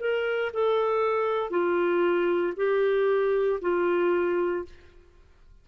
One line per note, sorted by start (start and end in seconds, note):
0.00 0.52 A#4
0.54 1.50 A4
1.50 2.54 F4
2.57 3.60 G4
3.62 4.65 F4